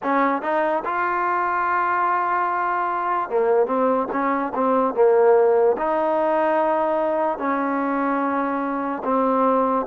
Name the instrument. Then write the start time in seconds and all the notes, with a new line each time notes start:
trombone
0.02 C#4
0.41 D#4
0.84 F4
3.29 A#3
3.66 C4
4.11 C#4
4.54 C4
4.94 A#3
5.77 D#4
7.37 C#4
9.04 C4